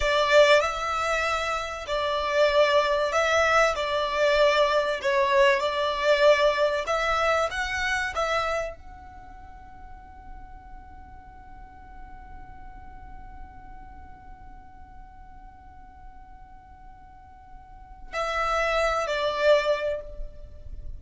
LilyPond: \new Staff \with { instrumentName = "violin" } { \time 4/4 \tempo 4 = 96 d''4 e''2 d''4~ | d''4 e''4 d''2 | cis''4 d''2 e''4 | fis''4 e''4 fis''2~ |
fis''1~ | fis''1~ | fis''1~ | fis''4 e''4. d''4. | }